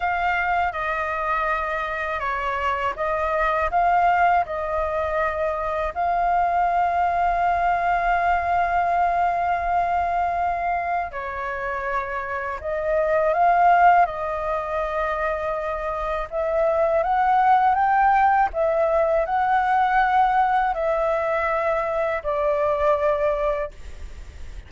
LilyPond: \new Staff \with { instrumentName = "flute" } { \time 4/4 \tempo 4 = 81 f''4 dis''2 cis''4 | dis''4 f''4 dis''2 | f''1~ | f''2. cis''4~ |
cis''4 dis''4 f''4 dis''4~ | dis''2 e''4 fis''4 | g''4 e''4 fis''2 | e''2 d''2 | }